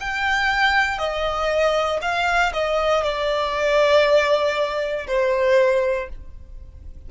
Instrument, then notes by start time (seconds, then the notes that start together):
violin
0.00 G5
0.98 D#5
2.01 F5
2.53 D#5
3.03 D5
5.07 C5